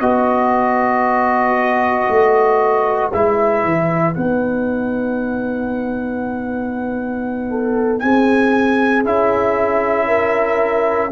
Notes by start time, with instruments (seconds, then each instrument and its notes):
0.00 tuba B3, trombone F#4, horn B4, trumpet D#5
2.09 tuba A3
3.13 tuba G#3, trombone E4, trumpet E5
3.65 tuba E3
4.15 tuba B3, trombone D#4, trumpet F#5
7.51 horn A4
8.00 tuba C4, horn G#4, trumpet G#5
9.05 tuba C#4, trombone E4, trumpet E5
10.07 horn A#4